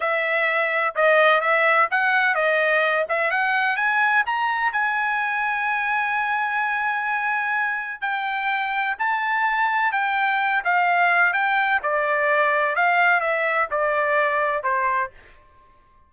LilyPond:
\new Staff \with { instrumentName = "trumpet" } { \time 4/4 \tempo 4 = 127 e''2 dis''4 e''4 | fis''4 dis''4. e''8 fis''4 | gis''4 ais''4 gis''2~ | gis''1~ |
gis''4 g''2 a''4~ | a''4 g''4. f''4. | g''4 d''2 f''4 | e''4 d''2 c''4 | }